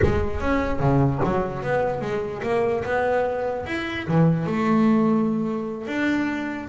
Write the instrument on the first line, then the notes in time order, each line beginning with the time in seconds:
double bass
0.02 G#3
0.40 C#4
0.79 C#3
1.24 F#3
1.62 B3
2.01 G#3
2.43 A#3
2.84 B3
3.66 E4
4.07 E3
4.46 A3
5.87 D4